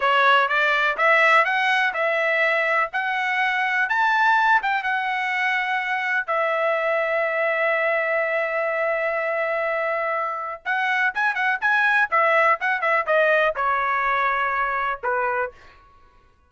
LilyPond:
\new Staff \with { instrumentName = "trumpet" } { \time 4/4 \tempo 4 = 124 cis''4 d''4 e''4 fis''4 | e''2 fis''2 | a''4. g''8 fis''2~ | fis''4 e''2.~ |
e''1~ | e''2 fis''4 gis''8 fis''8 | gis''4 e''4 fis''8 e''8 dis''4 | cis''2. b'4 | }